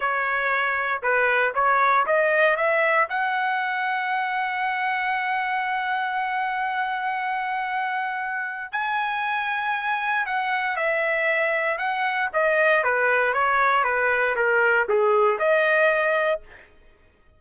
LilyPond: \new Staff \with { instrumentName = "trumpet" } { \time 4/4 \tempo 4 = 117 cis''2 b'4 cis''4 | dis''4 e''4 fis''2~ | fis''1~ | fis''1~ |
fis''4 gis''2. | fis''4 e''2 fis''4 | dis''4 b'4 cis''4 b'4 | ais'4 gis'4 dis''2 | }